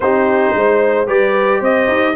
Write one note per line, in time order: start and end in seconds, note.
0.00 0.53 C4
0.00 1.06 D#4
0.00 0.56 G4
0.00 1.07 C5
0.54 1.07 G#3
0.54 1.07 C5
1.06 1.61 G3
1.06 2.15 G4
1.06 1.59 B4
1.06 1.61 D5
1.59 1.87 C4
1.59 2.13 C5
1.59 2.15 D#5
1.87 2.14 D#4